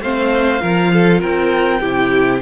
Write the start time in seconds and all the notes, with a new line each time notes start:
0.00 A3 C4 C5 F5
0.59 F3 F4 A#4
0.92 A4
1.20 C4 A#4 G5
1.79 C3 E4 G4